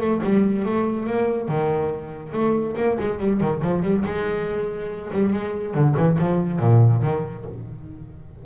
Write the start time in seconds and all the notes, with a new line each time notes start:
0.00 A3
0.23 G3
0.65 A3
1.06 A#3
1.48 D#3
2.33 A3
2.76 A#3
3.00 G#3
3.19 G3
3.41 D#3
3.62 F3
3.83 G3
4.05 G#3
5.12 G3
5.33 G#3
5.74 D3
5.96 E3
6.19 F3
6.59 A#2
7.02 D#3